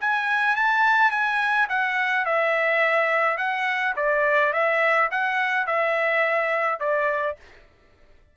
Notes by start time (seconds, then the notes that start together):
0.00 G#5
0.55 A5
1.11 G#5
1.69 F#5
2.25 E5
3.37 F#5
3.96 D5
4.53 E5
5.11 F#5
5.66 E5
6.80 D5